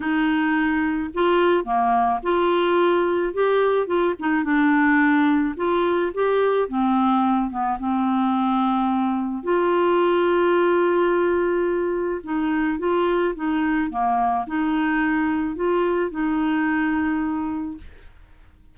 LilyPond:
\new Staff \with { instrumentName = "clarinet" } { \time 4/4 \tempo 4 = 108 dis'2 f'4 ais4 | f'2 g'4 f'8 dis'8 | d'2 f'4 g'4 | c'4. b8 c'2~ |
c'4 f'2.~ | f'2 dis'4 f'4 | dis'4 ais4 dis'2 | f'4 dis'2. | }